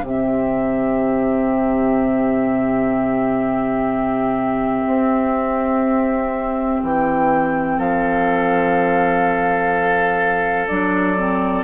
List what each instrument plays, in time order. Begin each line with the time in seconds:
0.00 bassoon C3, clarinet C4, oboe G4
0.06 flute E5
4.87 bassoon C4
6.83 bassoon E3, flute G5
7.78 bassoon F3, oboe A4, flute F5
10.67 bassoon F#3, clarinet D4, flute D5
11.17 clarinet C4